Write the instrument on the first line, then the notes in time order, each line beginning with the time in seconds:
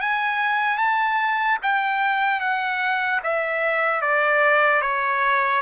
trumpet
0.00 G#5
0.77 A5
1.62 G5
2.40 F#5
3.23 E5
4.01 D5
4.81 C#5